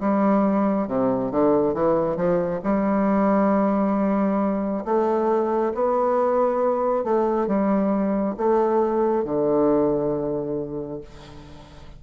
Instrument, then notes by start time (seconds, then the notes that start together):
bassoon
0.00 G3
0.87 C3
1.31 D3
1.74 E3
2.16 F3
2.64 G3
4.84 A3
5.74 B3
7.04 A3
7.47 G3
8.37 A3
9.24 D3